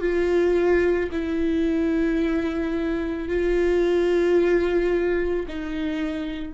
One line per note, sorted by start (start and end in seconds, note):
0.00 1.09 F4
1.12 3.28 E4
3.28 5.46 F4
5.47 6.53 D#4